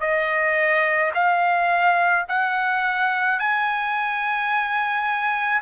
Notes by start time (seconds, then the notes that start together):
0.00 D#5
1.14 F5
2.28 F#5
3.39 G#5